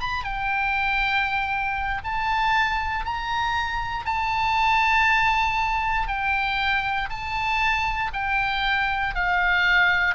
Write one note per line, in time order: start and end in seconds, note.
0.00 0.24 B5
0.24 2.02 G5
2.04 3.05 A5
3.05 4.05 A#5
4.05 6.07 A5
6.07 7.09 G5
7.10 8.11 A5
8.13 9.15 G5
9.15 10.15 F5